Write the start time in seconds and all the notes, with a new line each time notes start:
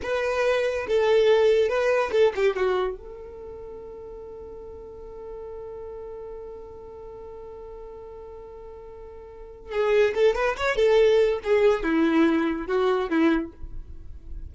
0.02 B4
0.87 A4
1.68 B4
2.12 A4
2.35 G4
2.56 F#4
2.97 A4
9.71 G#4
10.14 A4
10.35 B4
10.57 C#5
10.76 A4
11.43 G#4
11.83 E4
12.67 F#4
13.09 E4